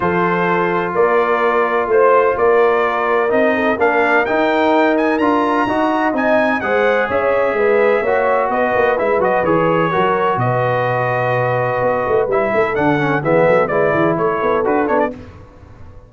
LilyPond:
<<
  \new Staff \with { instrumentName = "trumpet" } { \time 4/4 \tempo 4 = 127 c''2 d''2 | c''4 d''2 dis''4 | f''4 g''4. gis''8 ais''4~ | ais''4 gis''4 fis''4 e''4~ |
e''2 dis''4 e''8 dis''8 | cis''2 dis''2~ | dis''2 e''4 fis''4 | e''4 d''4 cis''4 b'8 cis''16 d''16 | }
  \new Staff \with { instrumentName = "horn" } { \time 4/4 a'2 ais'2 | c''4 ais'2~ ais'8 a'8 | ais'1 | dis''2 c''4 cis''4 |
b'4 cis''4 b'2~ | b'4 ais'4 b'2~ | b'2~ b'8 a'4. | gis'8 a'8 b'8 gis'8 a'2 | }
  \new Staff \with { instrumentName = "trombone" } { \time 4/4 f'1~ | f'2. dis'4 | d'4 dis'2 f'4 | fis'4 dis'4 gis'2~ |
gis'4 fis'2 e'8 fis'8 | gis'4 fis'2.~ | fis'2 e'4 d'8 cis'8 | b4 e'2 fis'8 d'8 | }
  \new Staff \with { instrumentName = "tuba" } { \time 4/4 f2 ais2 | a4 ais2 c'4 | ais4 dis'2 d'4 | dis'4 c'4 gis4 cis'4 |
gis4 ais4 b8 ais8 gis8 fis8 | e4 fis4 b,2~ | b,4 b8 a8 g8 a8 d4 | e8 fis8 gis8 e8 a8 b8 d'8 b8 | }
>>